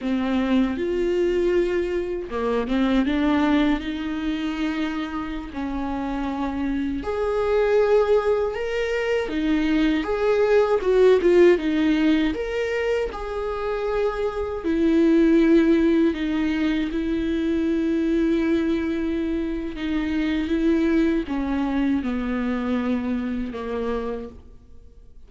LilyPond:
\new Staff \with { instrumentName = "viola" } { \time 4/4 \tempo 4 = 79 c'4 f'2 ais8 c'8 | d'4 dis'2~ dis'16 cis'8.~ | cis'4~ cis'16 gis'2 ais'8.~ | ais'16 dis'4 gis'4 fis'8 f'8 dis'8.~ |
dis'16 ais'4 gis'2 e'8.~ | e'4~ e'16 dis'4 e'4.~ e'16~ | e'2 dis'4 e'4 | cis'4 b2 ais4 | }